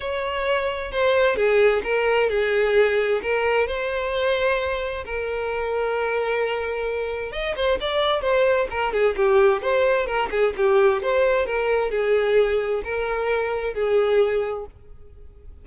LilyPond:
\new Staff \with { instrumentName = "violin" } { \time 4/4 \tempo 4 = 131 cis''2 c''4 gis'4 | ais'4 gis'2 ais'4 | c''2. ais'4~ | ais'1 |
dis''8 c''8 d''4 c''4 ais'8 gis'8 | g'4 c''4 ais'8 gis'8 g'4 | c''4 ais'4 gis'2 | ais'2 gis'2 | }